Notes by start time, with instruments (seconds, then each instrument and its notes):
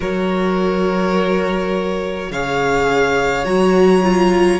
0.00 cello F#3, viola F#4, violin A#4 C#5
2.30 cello C#3, viola G#4, violin C#5 F5
3.44 cello F#3, viola F#4, violin A#5
4.03 viola F4